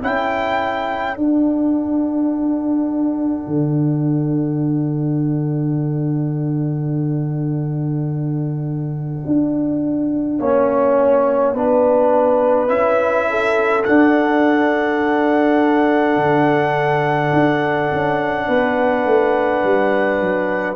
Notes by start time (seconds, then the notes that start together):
0.00 C#4 E4 A4 G5
1.16 D4 F#5
3.47 D3
9.26 D4
10.39 A#3 C#4 C#5
11.55 B3 D4 B4
12.68 C#4 E4 E5
13.30 A4
13.84 D4 F#5
16.17 D3
17.33 D4
17.92 C#4
18.48 B3 B4
19.05 A3
19.64 G3
20.21 F#3